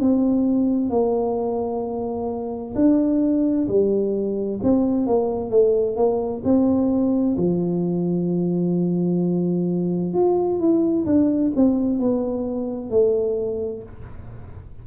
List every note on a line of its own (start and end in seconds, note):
0.00 0.90 C4
0.90 2.74 A#3
2.75 3.68 D4
3.68 4.60 G3
4.63 5.07 C4
5.07 5.50 A#3
5.50 5.96 A3
5.96 6.42 A#3
6.44 7.36 C4
7.37 10.13 F3
10.13 10.59 F4
10.59 11.06 E4
11.06 11.52 D4
11.56 11.99 C4
11.99 12.91 B3
12.91 13.83 A3